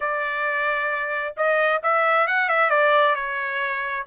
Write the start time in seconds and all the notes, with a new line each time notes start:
0.00 D5
1.37 D#5
1.82 E5
2.27 F#5
2.48 E5
2.70 D5
3.15 C#5